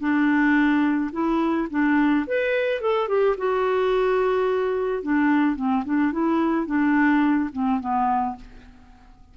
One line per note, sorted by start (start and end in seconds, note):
0.00 1.11 D4
1.13 1.68 E4
1.70 2.26 D4
2.28 2.82 B4
2.82 3.09 A4
3.09 3.36 G4
3.38 5.03 F#4
5.03 5.56 D4
5.56 5.84 C4
5.86 6.13 D4
6.13 6.67 E4
6.67 7.50 D4
7.53 7.81 C4
7.81 8.36 B3